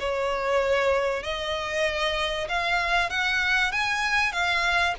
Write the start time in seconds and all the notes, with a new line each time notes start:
0.00 C#5
1.23 D#5
2.49 F5
3.10 F#5
3.72 G#5
4.32 F5